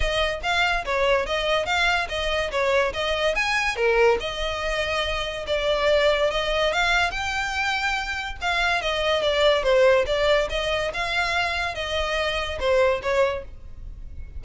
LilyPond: \new Staff \with { instrumentName = "violin" } { \time 4/4 \tempo 4 = 143 dis''4 f''4 cis''4 dis''4 | f''4 dis''4 cis''4 dis''4 | gis''4 ais'4 dis''2~ | dis''4 d''2 dis''4 |
f''4 g''2. | f''4 dis''4 d''4 c''4 | d''4 dis''4 f''2 | dis''2 c''4 cis''4 | }